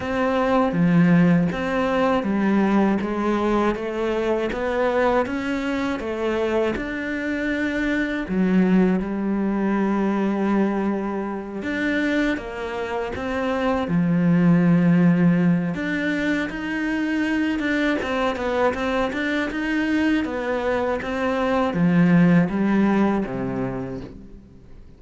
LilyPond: \new Staff \with { instrumentName = "cello" } { \time 4/4 \tempo 4 = 80 c'4 f4 c'4 g4 | gis4 a4 b4 cis'4 | a4 d'2 fis4 | g2.~ g8 d'8~ |
d'8 ais4 c'4 f4.~ | f4 d'4 dis'4. d'8 | c'8 b8 c'8 d'8 dis'4 b4 | c'4 f4 g4 c4 | }